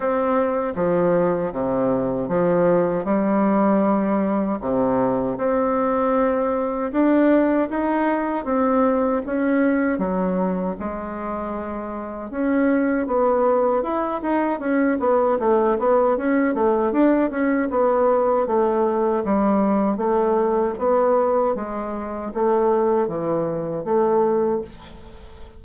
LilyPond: \new Staff \with { instrumentName = "bassoon" } { \time 4/4 \tempo 4 = 78 c'4 f4 c4 f4 | g2 c4 c'4~ | c'4 d'4 dis'4 c'4 | cis'4 fis4 gis2 |
cis'4 b4 e'8 dis'8 cis'8 b8 | a8 b8 cis'8 a8 d'8 cis'8 b4 | a4 g4 a4 b4 | gis4 a4 e4 a4 | }